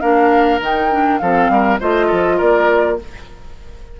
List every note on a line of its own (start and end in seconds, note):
0.00 0.60 A#3
0.00 0.60 D4
0.00 1.20 A#4
0.00 0.59 F5
0.60 1.20 D#3
0.60 0.90 D#4
0.60 1.18 G5
0.90 1.20 D4
1.18 1.49 F3
1.18 1.80 C4
1.18 1.51 A4
1.18 1.77 F5
1.49 1.79 G3
1.49 1.80 A#4
1.80 2.11 A3
1.80 2.99 F4
1.80 2.06 C5
1.80 2.39 D#5
2.06 2.40 F3
2.06 2.36 A4
2.37 3.00 A#3
2.37 2.97 A#4
2.37 2.99 D5